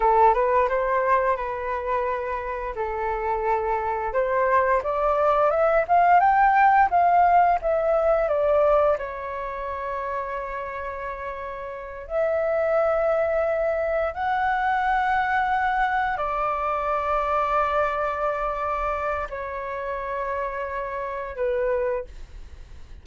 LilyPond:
\new Staff \with { instrumentName = "flute" } { \time 4/4 \tempo 4 = 87 a'8 b'8 c''4 b'2 | a'2 c''4 d''4 | e''8 f''8 g''4 f''4 e''4 | d''4 cis''2.~ |
cis''4. e''2~ e''8~ | e''8 fis''2. d''8~ | d''1 | cis''2. b'4 | }